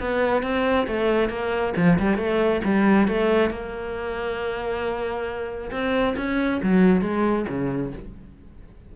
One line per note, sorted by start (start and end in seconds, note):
0.00 0.43 B3
0.43 0.87 C4
0.87 1.30 A3
1.30 1.74 A#3
1.77 1.99 F3
1.99 2.17 G3
2.17 2.61 A3
2.64 3.08 G3
3.08 3.50 A3
3.50 5.71 A#3
5.72 6.16 C4
6.17 6.61 C#4
6.63 7.02 F#3
7.02 7.46 G#3
7.49 7.93 C#3